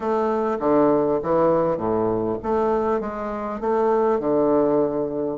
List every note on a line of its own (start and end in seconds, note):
0.00 0.58 A3
0.59 1.19 D3
1.22 1.77 E3
1.77 2.37 A2
2.42 3.00 A3
3.00 3.60 G#3
3.60 4.19 A3
4.19 5.38 D3